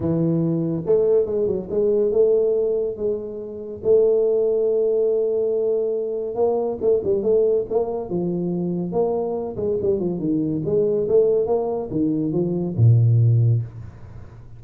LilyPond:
\new Staff \with { instrumentName = "tuba" } { \time 4/4 \tempo 4 = 141 e2 a4 gis8 fis8 | gis4 a2 gis4~ | gis4 a2.~ | a2. ais4 |
a8 g8 a4 ais4 f4~ | f4 ais4. gis8 g8 f8 | dis4 gis4 a4 ais4 | dis4 f4 ais,2 | }